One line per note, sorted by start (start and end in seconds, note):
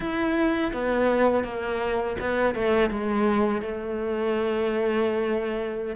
0.00 0.72 E4
0.73 1.44 B3
1.44 2.16 A#3
2.20 2.55 B3
2.55 2.89 A3
2.89 3.61 G#3
3.61 5.95 A3